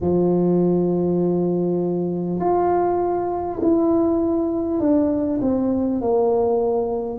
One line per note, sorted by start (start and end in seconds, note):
0.01 2.39 F3
2.39 3.59 F4
3.62 4.80 E4
4.80 5.40 D4
5.41 6.01 C4
6.01 7.18 A#3